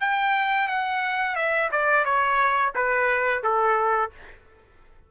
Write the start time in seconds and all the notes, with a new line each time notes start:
0.00 G5
0.68 F#5
1.35 E5
1.71 D5
2.05 C#5
2.75 B4
3.43 A4